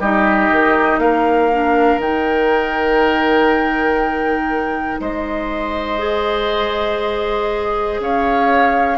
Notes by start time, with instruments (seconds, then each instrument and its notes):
0.00 bassoon G3, clarinet D#4, oboe G4, flute D#5
0.51 bassoon D#3
0.98 bassoon A#3, oboe A#4, flute F5
1.52 clarinet D4
1.98 bassoon D#3, clarinet D#4, flute G5
5.01 bassoon G#3, oboe C5, flute D#5
5.99 clarinet G#4
8.00 bassoon C#4, oboe C#5, flute F5